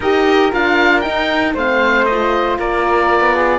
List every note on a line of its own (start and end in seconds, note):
0.00 0.51 D#4
0.00 0.52 G4
0.00 1.54 A#4
0.00 0.53 D#5
0.52 1.05 D4
0.52 1.02 F4
0.52 1.00 F5
1.00 1.54 D#4
1.00 1.52 G5
1.54 2.58 A3
1.54 2.09 C4
1.54 2.57 C5
1.54 2.05 F5
2.05 3.58 F4
2.05 2.57 D#5
2.58 3.20 A#3
2.58 3.35 A#4
2.58 3.58 D5
3.20 3.58 B3
3.35 3.58 G#4